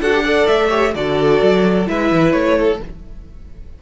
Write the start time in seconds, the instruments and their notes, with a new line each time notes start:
0.00 cello D4, viola F#4, violin A4 F#5
0.14 viola G4
0.24 viola A4, violin D5
0.48 cello A3, violin E5
0.70 viola G4, violin C#5
0.95 cello D3, viola F#4, violin A4 D5
1.42 cello F#3
1.86 cello G#3, viola E4, violin B4 E5
2.12 cello E3
2.33 cello A3, violin C#5
2.59 violin A4